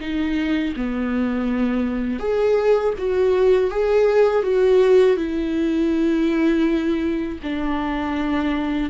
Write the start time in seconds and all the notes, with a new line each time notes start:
0.00 D#4
0.76 B3
2.19 G#4
2.98 F#4
3.70 G#4
4.42 F#4
5.16 E4
7.43 D4